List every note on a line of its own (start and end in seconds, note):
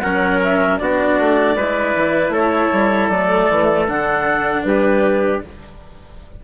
0.00 0.80 F#3
0.00 0.80 C#4
0.00 0.80 A#4
0.00 0.38 F#5
0.44 0.79 E5
0.79 1.19 B3
0.79 1.57 D4
0.79 1.57 F#4
0.79 2.32 D5
1.19 1.56 A3
1.56 1.95 G#3
1.56 3.12 E4
1.56 2.33 B4
1.96 2.29 E3
2.29 2.68 A3
2.29 4.64 A4
2.29 3.09 C#5
2.73 3.09 G3
3.09 3.48 F#3
3.09 3.88 A3
3.09 3.86 D5
3.50 3.88 E3
3.88 4.65 D3
3.88 5.42 D4
3.88 4.64 F#5
4.64 5.42 G3
4.64 5.45 G4
4.64 5.41 B4